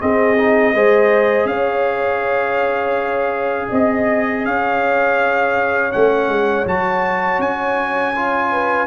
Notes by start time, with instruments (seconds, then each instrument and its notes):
0.00 trombone C4, tuba C4, horn G#4, trumpet D#5
0.38 trombone D#4
0.74 tuba G#3, trombone G#4, horn C5
1.45 tuba C#4, horn C#5, trumpet F5
3.69 tuba C4, horn D#5, trumpet D#5
4.45 tuba C#4, horn C#5, trumpet F5
5.92 tuba A3, trombone C#4, trumpet F#5
6.28 tuba G#3
6.66 tuba F#3, trombone F#4, trumpet A5
7.39 tuba C#4, trumpet G#5
8.16 trombone F4
8.52 horn B4